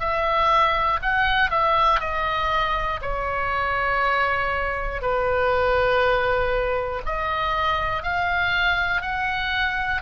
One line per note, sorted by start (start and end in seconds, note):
0.00 1.00 E5
1.02 1.51 F#5
1.51 2.00 E5
2.00 3.00 D#5
3.02 5.02 C#5
5.02 7.02 B4
7.06 8.03 D#5
8.03 9.02 F5
9.02 10.02 F#5